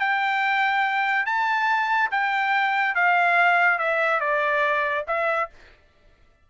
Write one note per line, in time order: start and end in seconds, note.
0.00 1.26 G5
1.26 2.11 A5
2.11 2.95 G5
2.95 3.79 F5
3.79 4.21 E5
4.21 5.05 D5
5.08 5.50 E5